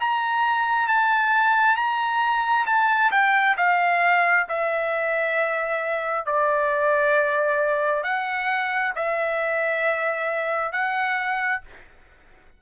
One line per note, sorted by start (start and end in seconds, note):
0.00 0.88 A#5
0.88 1.76 A5
1.76 2.65 A#5
2.66 3.11 A5
3.11 3.56 G5
3.57 4.47 F5
4.49 6.26 E5
6.26 8.03 D5
8.03 8.93 F#5
8.95 10.72 E5
10.72 11.61 F#5